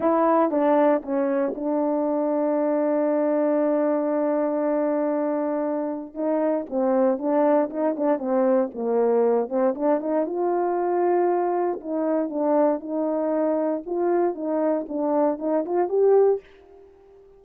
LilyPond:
\new Staff \with { instrumentName = "horn" } { \time 4/4 \tempo 4 = 117 e'4 d'4 cis'4 d'4~ | d'1~ | d'1 | dis'4 c'4 d'4 dis'8 d'8 |
c'4 ais4. c'8 d'8 dis'8 | f'2. dis'4 | d'4 dis'2 f'4 | dis'4 d'4 dis'8 f'8 g'4 | }